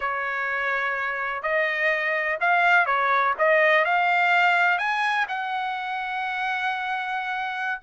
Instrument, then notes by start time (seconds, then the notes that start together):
trumpet
0.00 C#5
1.42 D#5
2.40 F5
2.86 C#5
3.38 D#5
3.84 F5
4.78 G#5
5.28 F#5